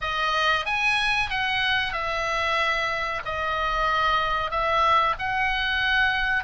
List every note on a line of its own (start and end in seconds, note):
0.01 0.65 D#5
0.65 1.30 G#5
1.30 1.92 F#5
1.92 3.21 E5
3.25 4.50 D#5
4.50 5.15 E5
5.18 6.43 F#5